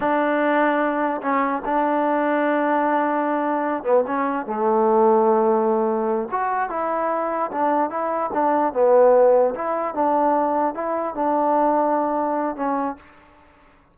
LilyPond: \new Staff \with { instrumentName = "trombone" } { \time 4/4 \tempo 4 = 148 d'2. cis'4 | d'1~ | d'4. b8 cis'4 a4~ | a2.~ a8 fis'8~ |
fis'8 e'2 d'4 e'8~ | e'8 d'4 b2 e'8~ | e'8 d'2 e'4 d'8~ | d'2. cis'4 | }